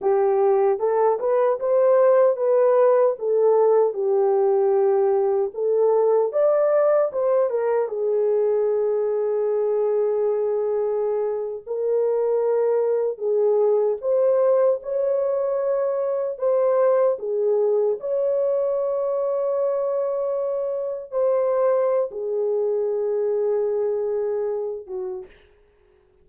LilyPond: \new Staff \with { instrumentName = "horn" } { \time 4/4 \tempo 4 = 76 g'4 a'8 b'8 c''4 b'4 | a'4 g'2 a'4 | d''4 c''8 ais'8 gis'2~ | gis'2~ gis'8. ais'4~ ais'16~ |
ais'8. gis'4 c''4 cis''4~ cis''16~ | cis''8. c''4 gis'4 cis''4~ cis''16~ | cis''2~ cis''8. c''4~ c''16 | gis'2.~ gis'8 fis'8 | }